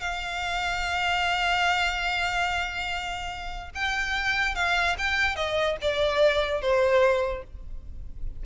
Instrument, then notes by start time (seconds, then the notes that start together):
violin
0.00 F5
3.74 G5
4.55 F5
4.98 G5
5.35 D#5
5.81 D5
6.61 C5